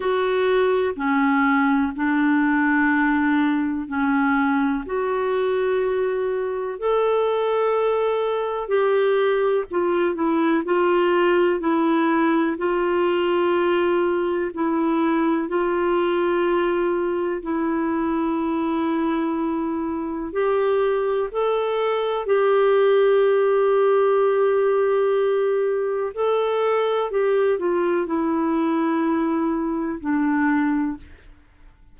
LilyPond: \new Staff \with { instrumentName = "clarinet" } { \time 4/4 \tempo 4 = 62 fis'4 cis'4 d'2 | cis'4 fis'2 a'4~ | a'4 g'4 f'8 e'8 f'4 | e'4 f'2 e'4 |
f'2 e'2~ | e'4 g'4 a'4 g'4~ | g'2. a'4 | g'8 f'8 e'2 d'4 | }